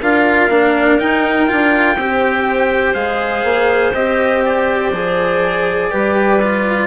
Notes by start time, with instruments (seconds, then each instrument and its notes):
0.00 bassoon D4, cello F4, clarinet A#4, trumpet F5
0.50 bassoon A#3, cello D4
1.00 cello D#4, bassoon D#4, trumpet G5
1.48 bassoon D4, cello F4
1.96 bassoon C4, cello G4, clarinet C5
2.95 bassoon G#3, cello G#4, trumpet F5
3.44 bassoon A#3
3.94 bassoon C4, cello G4, trumpet D#5
4.46 trumpet D5
4.92 bassoon F3, cello G#4
5.90 bassoon G3, cello G4, clarinet B4
6.42 cello F4